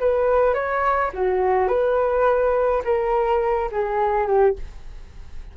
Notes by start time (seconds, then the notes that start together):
0.00 B4
0.54 C#5
1.14 F#4
1.68 B4
2.84 A#4
3.72 G#4
4.27 G4